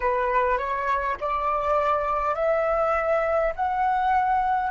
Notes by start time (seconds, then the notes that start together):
0.00 B4
0.58 C#5
1.20 D5
2.35 E5
3.56 F#5